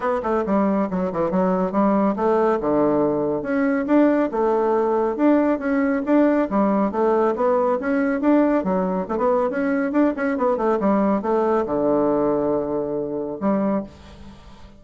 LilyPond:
\new Staff \with { instrumentName = "bassoon" } { \time 4/4 \tempo 4 = 139 b8 a8 g4 fis8 e8 fis4 | g4 a4 d2 | cis'4 d'4 a2 | d'4 cis'4 d'4 g4 |
a4 b4 cis'4 d'4 | fis4 a16 b8. cis'4 d'8 cis'8 | b8 a8 g4 a4 d4~ | d2. g4 | }